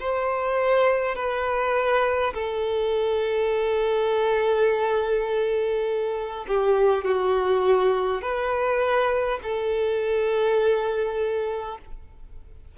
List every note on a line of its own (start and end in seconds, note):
0.00 1.16 C5
1.16 2.34 B4
2.34 6.46 A4
6.48 7.05 G4
7.05 8.22 F#4
8.22 9.40 B4
9.43 11.79 A4